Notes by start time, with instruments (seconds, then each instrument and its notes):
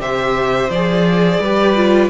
0.00 cello C3, viola G4, violin C5 E5
0.69 cello F3, viola G#4, violin D5
1.40 cello G3, viola G4, violin B4
1.76 viola F4